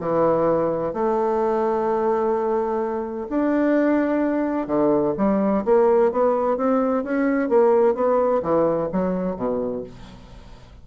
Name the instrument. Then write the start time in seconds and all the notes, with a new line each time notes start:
bassoon
0.00 E3
0.94 A3
3.29 D4
4.67 D3
5.18 G3
5.65 A#3
6.12 B3
6.57 C4
7.04 C#4
7.49 A#3
7.95 B3
8.43 E3
8.93 F#3
9.37 B2